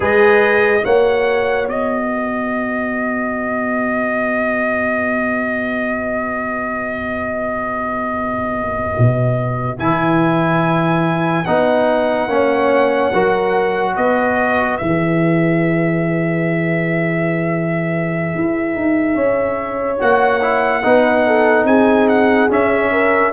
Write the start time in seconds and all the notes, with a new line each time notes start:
0.00 G#3 G#4 B4 D#5
0.81 A#3 F#4 C#5 F#5
1.67 B3 D#5
2.06 B4
8.98 B2
9.78 E3 E4 G#5
11.45 B3 D#4 F#5
12.27 A#3 C#4 C#5
13.13 F#3 F#4 A#4
13.94 B3 B4 D#5
14.77 E3 G#4 E5
18.34 E4
18.75 D#4
19.14 C#4 C#5
19.99 A#3 F#4 F#5
20.41 E4
20.83 B3 D#4 B4
21.26 A4
21.64 C4 G#4 G#5
22.08 F#5
22.49 C#4 E5
22.92 A#4